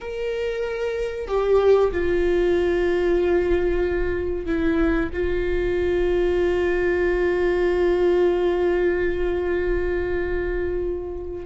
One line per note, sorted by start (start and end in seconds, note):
0.01 1.27 A#4
1.27 1.91 G4
1.91 4.45 F4
4.45 5.09 E4
5.12 11.45 F4